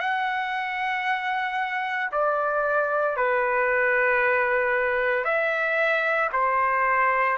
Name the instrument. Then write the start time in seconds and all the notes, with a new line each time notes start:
trumpet
0.00 F#5
2.12 D5
3.17 B4
5.25 E5
6.33 C5